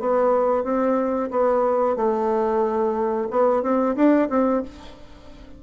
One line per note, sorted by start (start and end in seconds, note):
0.00 0.64 B3
0.64 1.30 C4
1.31 1.96 B3
1.96 3.28 A3
3.31 3.63 B3
3.63 3.96 C4
3.96 4.29 D4
4.30 4.63 C4